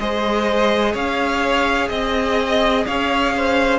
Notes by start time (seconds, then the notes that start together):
0.00 G#3 G#4 C5 D#5
0.93 C#4 C#5 F5
1.89 C4 D#5
2.87 C#4 C#5 F5
3.37 C5